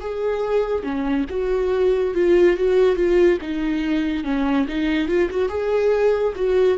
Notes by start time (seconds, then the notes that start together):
0.00 G#4
0.83 C#4
1.30 F#4
2.14 F4
2.57 F#4
2.96 F4
3.41 D#4
4.24 C#4
4.68 D#4
5.08 F4
5.30 F#4
5.49 G#4
6.36 F#4